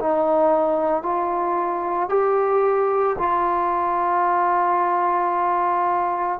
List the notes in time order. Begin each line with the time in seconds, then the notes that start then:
0.00 D#4
1.03 F4
2.10 G4
3.19 F4